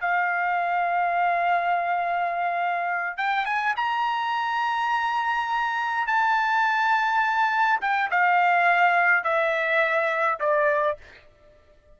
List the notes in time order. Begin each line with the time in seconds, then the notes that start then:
0.00 F5
3.17 G5
3.45 G#5
3.76 A#5
6.07 A5
7.81 G5
8.10 F5
9.24 E5
10.40 D5